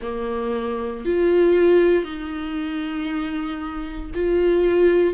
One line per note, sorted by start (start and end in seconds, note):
0.01 1.05 A#3
1.05 2.04 F4
2.04 4.11 D#4
4.14 5.14 F4